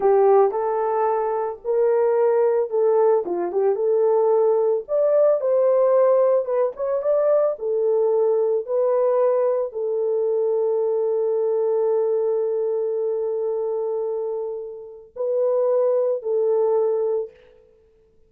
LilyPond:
\new Staff \with { instrumentName = "horn" } { \time 4/4 \tempo 4 = 111 g'4 a'2 ais'4~ | ais'4 a'4 f'8 g'8 a'4~ | a'4 d''4 c''2 | b'8 cis''8 d''4 a'2 |
b'2 a'2~ | a'1~ | a'1 | b'2 a'2 | }